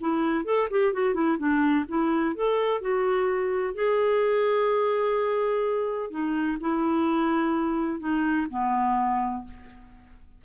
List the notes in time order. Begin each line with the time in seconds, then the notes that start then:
0.00 E4
0.44 A4
0.70 G4
0.93 F#4
1.14 E4
1.37 D4
1.88 E4
2.35 A4
2.81 F#4
3.74 G#4
6.10 D#4
6.60 E4
7.99 D#4
8.50 B3